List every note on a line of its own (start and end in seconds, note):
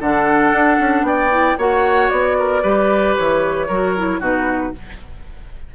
0.00 0.52 D3
0.00 1.31 D4
0.00 1.05 A4
0.00 1.05 F#5
0.52 0.78 D4
0.79 1.02 C#4
1.02 1.55 B3
1.02 1.58 D5
1.02 1.58 G5
1.31 1.57 E4
1.58 2.10 A#3
1.58 2.62 F#4
1.58 2.37 C#5
1.58 2.09 F#5
2.09 2.63 B3
2.09 3.15 D5
2.38 2.62 A#4
2.62 3.16 G3
2.62 3.68 G4
2.62 3.67 B4
3.17 3.69 E3
3.17 4.22 C#5
3.68 4.19 F#3
3.68 3.97 F#4
3.68 4.20 A#4
3.97 4.20 E4
4.19 4.72 B2
4.19 4.73 D#4
4.19 4.72 F#4
4.19 4.75 B4